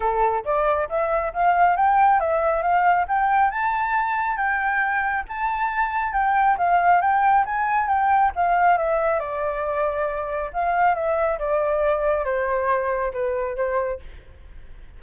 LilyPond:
\new Staff \with { instrumentName = "flute" } { \time 4/4 \tempo 4 = 137 a'4 d''4 e''4 f''4 | g''4 e''4 f''4 g''4 | a''2 g''2 | a''2 g''4 f''4 |
g''4 gis''4 g''4 f''4 | e''4 d''2. | f''4 e''4 d''2 | c''2 b'4 c''4 | }